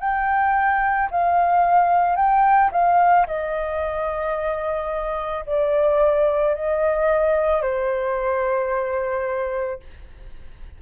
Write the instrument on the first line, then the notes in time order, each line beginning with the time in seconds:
flute
0.00 G5
1.11 F5
2.16 G5
2.72 F5
3.27 D#5
5.46 D5
6.55 D#5
7.62 C5